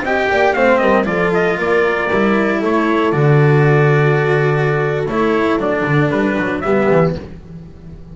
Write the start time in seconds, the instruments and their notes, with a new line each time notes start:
0.00 double bass C4, cello G4, horn D#5, trumpet G5
0.31 double bass A#3, horn D5
0.53 double bass A3, cello C4, horn C5, trumpet F5
0.78 double bass G3, horn A#4, trumpet D#5
1.04 double bass F3, cello F4, horn A4, trumpet D5
1.34 trumpet D#5
1.58 double bass A#3, horn A#4, trumpet D5
2.11 double bass G3, cello E4
2.59 double bass A3, horn A4, trumpet C#5
3.12 double bass D3, cello F#4, trumpet D5
5.06 double bass A3, cello E4, trumpet C#5
5.57 double bass F#3, cello D4, trumpet D5
5.85 double bass D3
6.11 double bass G3, trumpet B4
6.38 double bass F#3
6.61 double bass G3, cello B3, horn G4, trumpet E5
6.90 double bass E3